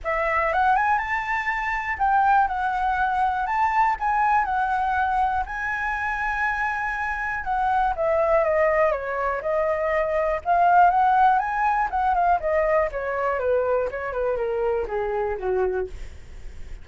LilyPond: \new Staff \with { instrumentName = "flute" } { \time 4/4 \tempo 4 = 121 e''4 fis''8 gis''8 a''2 | g''4 fis''2 a''4 | gis''4 fis''2 gis''4~ | gis''2. fis''4 |
e''4 dis''4 cis''4 dis''4~ | dis''4 f''4 fis''4 gis''4 | fis''8 f''8 dis''4 cis''4 b'4 | cis''8 b'8 ais'4 gis'4 fis'4 | }